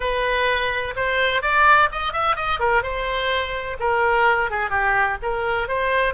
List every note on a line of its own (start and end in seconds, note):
0.00 0.94 B4
0.96 1.42 C5
1.42 1.89 D5
1.91 2.12 D#5
2.12 2.35 E5
2.35 2.59 D#5
2.59 2.82 A#4
2.82 3.77 C5
3.79 4.50 A#4
4.50 4.70 G#4
4.70 5.17 G4
5.22 5.68 A#4
5.68 6.14 C5